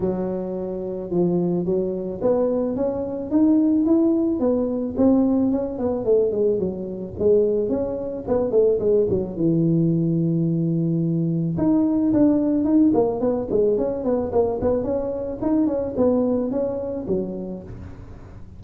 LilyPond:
\new Staff \with { instrumentName = "tuba" } { \time 4/4 \tempo 4 = 109 fis2 f4 fis4 | b4 cis'4 dis'4 e'4 | b4 c'4 cis'8 b8 a8 gis8 | fis4 gis4 cis'4 b8 a8 |
gis8 fis8 e2.~ | e4 dis'4 d'4 dis'8 ais8 | b8 gis8 cis'8 b8 ais8 b8 cis'4 | dis'8 cis'8 b4 cis'4 fis4 | }